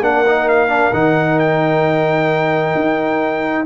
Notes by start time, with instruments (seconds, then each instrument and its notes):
0.00 tuba A#3, trombone D4, horn A#4, trumpet F#5
0.27 trombone D#4
0.48 trumpet F5
0.69 trombone D4
0.93 tuba D#3, trombone D#4, trumpet F#5
1.39 trumpet G5
2.75 tuba D#4